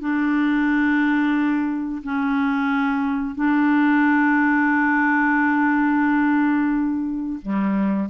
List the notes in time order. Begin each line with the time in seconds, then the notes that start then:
0.00 D4
2.03 C#4
3.35 D4
7.42 G3